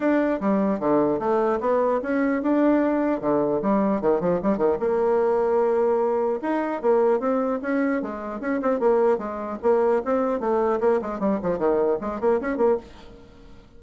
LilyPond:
\new Staff \with { instrumentName = "bassoon" } { \time 4/4 \tempo 4 = 150 d'4 g4 d4 a4 | b4 cis'4 d'2 | d4 g4 dis8 f8 g8 dis8 | ais1 |
dis'4 ais4 c'4 cis'4 | gis4 cis'8 c'8 ais4 gis4 | ais4 c'4 a4 ais8 gis8 | g8 f8 dis4 gis8 ais8 cis'8 ais8 | }